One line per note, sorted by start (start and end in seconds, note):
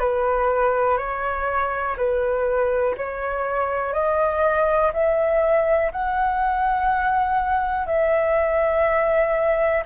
0.00 0.98 B4
0.98 1.96 C#5
1.98 2.96 B4
2.97 3.94 C#5
3.94 4.92 D#5
4.94 5.92 E5
5.92 7.87 F#5
7.87 9.84 E5